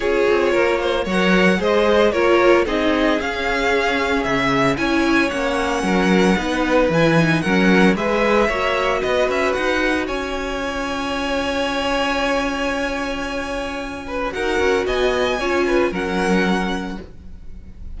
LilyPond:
<<
  \new Staff \with { instrumentName = "violin" } { \time 4/4 \tempo 4 = 113 cis''2 fis''4 dis''4 | cis''4 dis''4 f''2 | e''4 gis''4 fis''2~ | fis''4 gis''4 fis''4 e''4~ |
e''4 dis''8 e''8 fis''4 gis''4~ | gis''1~ | gis''2. fis''4 | gis''2 fis''2 | }
  \new Staff \with { instrumentName = "violin" } { \time 4/4 gis'4 ais'8 c''8 cis''4 c''4 | ais'4 gis'2.~ | gis'4 cis''2 ais'4 | b'2 ais'4 b'4 |
cis''4 b'2 cis''4~ | cis''1~ | cis''2~ cis''8 b'8 ais'4 | dis''4 cis''8 b'8 ais'2 | }
  \new Staff \with { instrumentName = "viola" } { \time 4/4 f'2 ais'4 gis'4 | f'4 dis'4 cis'2~ | cis'4 e'4 cis'2 | dis'4 e'8 dis'8 cis'4 gis'4 |
fis'1 | f'1~ | f'2. fis'4~ | fis'4 f'4 cis'2 | }
  \new Staff \with { instrumentName = "cello" } { \time 4/4 cis'8 c'8 ais4 fis4 gis4 | ais4 c'4 cis'2 | cis4 cis'4 ais4 fis4 | b4 e4 fis4 gis4 |
ais4 b8 cis'8 dis'4 cis'4~ | cis'1~ | cis'2. dis'8 cis'8 | b4 cis'4 fis2 | }
>>